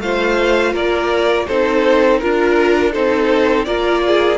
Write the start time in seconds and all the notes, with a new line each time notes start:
0.00 A3 F4 C5 F5
0.73 A#3 A#4 D5
1.47 C4 D#4 A4 C5
2.19 D4 F4 A#4
2.92 C4 D#4 A4 C5
3.65 A#3 F4 A#4 D5
4.07 G#4